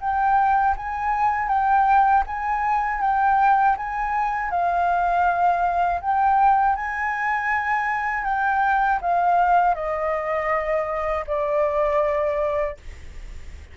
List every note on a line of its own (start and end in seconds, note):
0.00 0.75 G5
0.76 1.48 G#5
1.48 2.23 G5
2.27 3.01 G#5
3.01 3.76 G5
3.77 4.51 G#5
4.51 6.01 F5
6.01 6.76 G5
6.76 8.24 G#5
8.24 8.99 G5
9.01 9.75 F5
9.75 11.25 D#5
11.27 12.77 D5